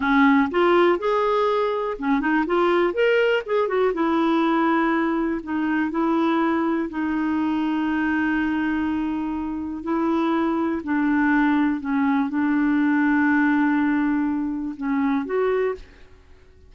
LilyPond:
\new Staff \with { instrumentName = "clarinet" } { \time 4/4 \tempo 4 = 122 cis'4 f'4 gis'2 | cis'8 dis'8 f'4 ais'4 gis'8 fis'8 | e'2. dis'4 | e'2 dis'2~ |
dis'1 | e'2 d'2 | cis'4 d'2.~ | d'2 cis'4 fis'4 | }